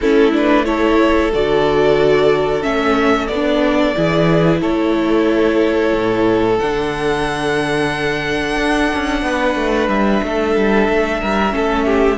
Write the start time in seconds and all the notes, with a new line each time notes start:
0.00 A3 C#4 E4 A4
0.32 D4 B4
0.64 E4 A4 C#5
1.33 D3 F#4 D5
2.61 A3 C#4 E5
3.27 B3 D5
3.35 D4
3.94 E3 E4 G#4
4.60 A3 A4 C#5
5.92 A2
6.59 D3 D4 F#5
8.56 D4
8.94 C#4
9.22 B3 B4
9.55 A3
9.87 G3 E5
10.22 A3 A4
10.55 G3
10.89 A3
11.21 G3 A#4
11.50 A3 C#4 A4
11.85 G4